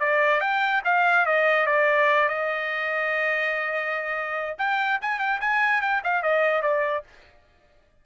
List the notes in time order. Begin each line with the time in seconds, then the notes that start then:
0.00 D5
0.41 G5
0.85 F5
1.26 D#5
1.67 D5
2.29 D#5
4.58 G5
5.02 G#5
5.19 G5
5.41 G#5
5.82 G5
6.04 F5
6.23 D#5
6.63 D5